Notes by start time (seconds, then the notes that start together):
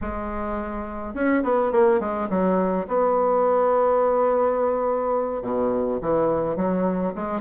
0.01 G#3
1.14 C#4
1.43 B3
1.71 A#3
1.99 G#3
2.29 F#3
2.87 B3
5.42 B2
6.01 E3
6.56 F#3
7.15 G#3